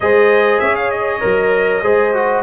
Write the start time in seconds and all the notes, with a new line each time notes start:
0.00 G#3 G#4 C5 D#5
0.59 C#4 C#5 E5
0.75 F5
0.90 D#5
1.20 F#3 A#4
1.82 G#3 G#4 C5
2.14 F#4